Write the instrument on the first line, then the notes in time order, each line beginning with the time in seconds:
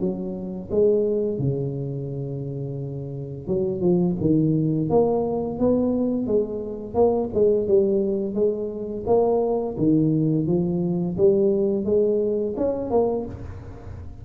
tuba
0.00 F#3
0.71 G#3
1.38 C#3
3.47 F#3
3.81 F3
4.20 D#3
4.90 A#3
5.59 B3
6.27 G#3
6.95 A#3
7.34 G#3
7.68 G3
8.35 G#3
9.06 A#3
9.78 D#3
10.47 F3
11.17 G3
11.85 G#3
12.57 C#4
12.90 A#3